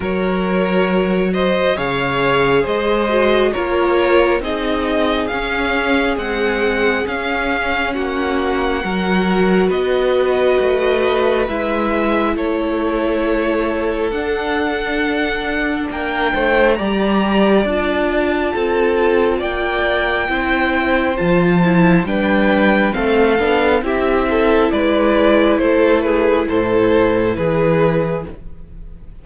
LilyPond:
<<
  \new Staff \with { instrumentName = "violin" } { \time 4/4 \tempo 4 = 68 cis''4. dis''8 f''4 dis''4 | cis''4 dis''4 f''4 fis''4 | f''4 fis''2 dis''4~ | dis''4 e''4 cis''2 |
fis''2 g''4 ais''4 | a''2 g''2 | a''4 g''4 f''4 e''4 | d''4 c''8 b'8 c''4 b'4 | }
  \new Staff \with { instrumentName = "violin" } { \time 4/4 ais'4. c''8 cis''4 c''4 | ais'4 gis'2.~ | gis'4 fis'4 ais'4 b'4~ | b'2 a'2~ |
a'2 ais'8 c''8 d''4~ | d''4 a'4 d''4 c''4~ | c''4 b'4 a'4 g'8 a'8 | b'4 a'8 gis'8 a'4 gis'4 | }
  \new Staff \with { instrumentName = "viola" } { \time 4/4 fis'2 gis'4. fis'8 | f'4 dis'4 cis'4 gis4 | cis'2 fis'2~ | fis'4 e'2. |
d'2. g'4 | f'2. e'4 | f'8 e'8 d'4 c'8 d'8 e'4~ | e'1 | }
  \new Staff \with { instrumentName = "cello" } { \time 4/4 fis2 cis4 gis4 | ais4 c'4 cis'4 c'4 | cis'4 ais4 fis4 b4 | a4 gis4 a2 |
d'2 ais8 a8 g4 | d'4 c'4 ais4 c'4 | f4 g4 a8 b8 c'4 | gis4 a4 a,4 e4 | }
>>